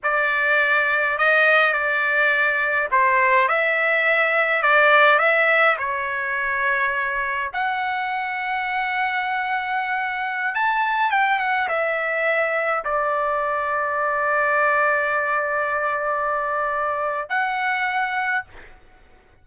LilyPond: \new Staff \with { instrumentName = "trumpet" } { \time 4/4 \tempo 4 = 104 d''2 dis''4 d''4~ | d''4 c''4 e''2 | d''4 e''4 cis''2~ | cis''4 fis''2.~ |
fis''2~ fis''16 a''4 g''8 fis''16~ | fis''16 e''2 d''4.~ d''16~ | d''1~ | d''2 fis''2 | }